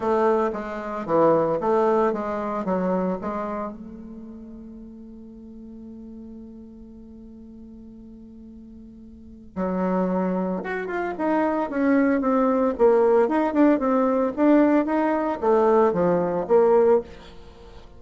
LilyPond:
\new Staff \with { instrumentName = "bassoon" } { \time 4/4 \tempo 4 = 113 a4 gis4 e4 a4 | gis4 fis4 gis4 a4~ | a1~ | a1~ |
a2 fis2 | fis'8 f'8 dis'4 cis'4 c'4 | ais4 dis'8 d'8 c'4 d'4 | dis'4 a4 f4 ais4 | }